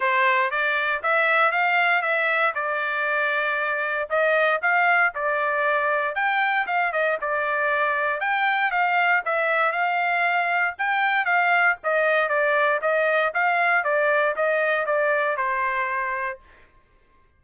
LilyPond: \new Staff \with { instrumentName = "trumpet" } { \time 4/4 \tempo 4 = 117 c''4 d''4 e''4 f''4 | e''4 d''2. | dis''4 f''4 d''2 | g''4 f''8 dis''8 d''2 |
g''4 f''4 e''4 f''4~ | f''4 g''4 f''4 dis''4 | d''4 dis''4 f''4 d''4 | dis''4 d''4 c''2 | }